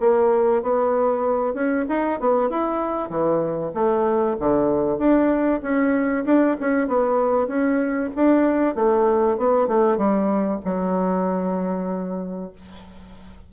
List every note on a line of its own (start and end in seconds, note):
0.00 0.62 A#3
0.63 1.54 B3
1.54 1.86 C#4
1.89 2.20 D#4
2.20 2.50 B3
2.50 3.10 E4
3.10 3.72 E3
3.74 4.36 A3
4.40 4.99 D3
4.99 5.61 D4
5.62 6.25 C#4
6.25 6.57 D4
6.61 6.88 C#4
6.88 7.48 B3
7.48 8.11 C#4
8.16 8.75 D4
8.75 9.38 A3
9.38 9.68 B3
9.68 9.98 A3
9.98 10.60 G3
10.65 12.52 F#3